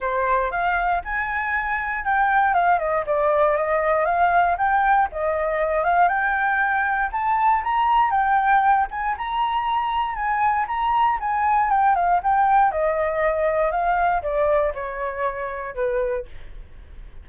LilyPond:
\new Staff \with { instrumentName = "flute" } { \time 4/4 \tempo 4 = 118 c''4 f''4 gis''2 | g''4 f''8 dis''8 d''4 dis''4 | f''4 g''4 dis''4. f''8 | g''2 a''4 ais''4 |
g''4. gis''8 ais''2 | gis''4 ais''4 gis''4 g''8 f''8 | g''4 dis''2 f''4 | d''4 cis''2 b'4 | }